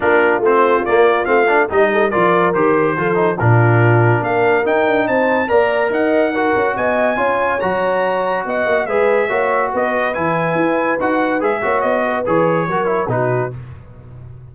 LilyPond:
<<
  \new Staff \with { instrumentName = "trumpet" } { \time 4/4 \tempo 4 = 142 ais'4 c''4 d''4 f''4 | dis''4 d''4 c''2 | ais'2 f''4 g''4 | a''4 ais''4 fis''2 |
gis''2 ais''2 | fis''4 e''2 dis''4 | gis''2 fis''4 e''4 | dis''4 cis''2 b'4 | }
  \new Staff \with { instrumentName = "horn" } { \time 4/4 f'1 | g'8 a'8 ais'2 a'4 | f'2 ais'2 | c''4 d''4 dis''4 ais'4 |
dis''4 cis''2. | dis''4 b'4 cis''4 b'4~ | b'2.~ b'8 cis''8~ | cis''8 b'4. ais'4 fis'4 | }
  \new Staff \with { instrumentName = "trombone" } { \time 4/4 d'4 c'4 ais4 c'8 d'8 | dis'4 f'4 g'4 f'8 dis'8 | d'2. dis'4~ | dis'4 ais'2 fis'4~ |
fis'4 f'4 fis'2~ | fis'4 gis'4 fis'2 | e'2 fis'4 gis'8 fis'8~ | fis'4 gis'4 fis'8 e'8 dis'4 | }
  \new Staff \with { instrumentName = "tuba" } { \time 4/4 ais4 a4 ais4 a4 | g4 f4 dis4 f4 | ais,2 ais4 dis'8 d'8 | c'4 ais4 dis'4. cis'8 |
b4 cis'4 fis2 | b8 ais8 gis4 ais4 b4 | e4 e'4 dis'4 gis8 ais8 | b4 e4 fis4 b,4 | }
>>